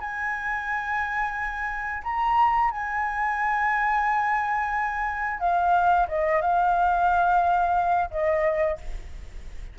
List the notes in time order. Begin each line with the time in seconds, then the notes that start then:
0.00 G#5
2.03 A#5
2.71 G#5
5.39 F5
6.08 D#5
6.41 F5
8.10 D#5